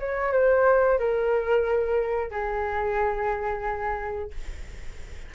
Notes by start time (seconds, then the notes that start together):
0.00 C#5
0.33 C5
0.99 A#4
2.31 G#4